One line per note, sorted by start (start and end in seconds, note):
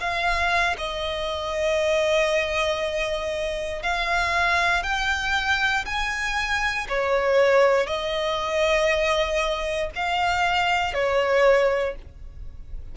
0.00 0.76 F5
0.77 3.82 D#5
3.82 4.83 F5
4.83 5.85 G5
5.85 6.87 G#5
6.88 7.86 C#5
7.86 9.90 D#5
9.95 10.94 F5
10.94 11.95 C#5